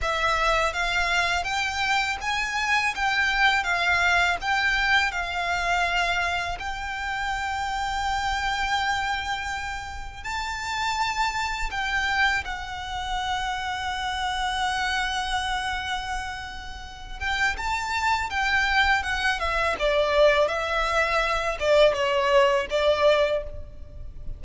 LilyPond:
\new Staff \with { instrumentName = "violin" } { \time 4/4 \tempo 4 = 82 e''4 f''4 g''4 gis''4 | g''4 f''4 g''4 f''4~ | f''4 g''2.~ | g''2 a''2 |
g''4 fis''2.~ | fis''2.~ fis''8 g''8 | a''4 g''4 fis''8 e''8 d''4 | e''4. d''8 cis''4 d''4 | }